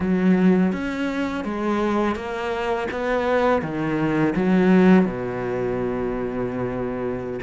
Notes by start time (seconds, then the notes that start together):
0.00 F#3
0.72 C#4
1.44 G#3
2.15 A#3
2.91 B3
3.61 D#3
4.35 F#3
5.05 B2